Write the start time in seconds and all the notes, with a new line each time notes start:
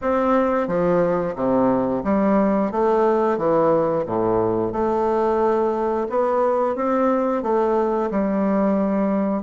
0.01 C4
0.67 F3
1.35 C3
2.04 G3
2.71 A3
3.37 E3
4.05 A2
4.72 A3
6.09 B3
6.75 C4
7.42 A3
8.11 G3